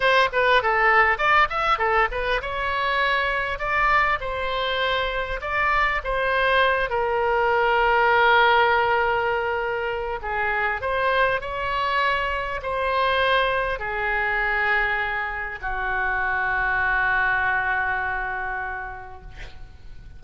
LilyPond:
\new Staff \with { instrumentName = "oboe" } { \time 4/4 \tempo 4 = 100 c''8 b'8 a'4 d''8 e''8 a'8 b'8 | cis''2 d''4 c''4~ | c''4 d''4 c''4. ais'8~ | ais'1~ |
ais'4 gis'4 c''4 cis''4~ | cis''4 c''2 gis'4~ | gis'2 fis'2~ | fis'1 | }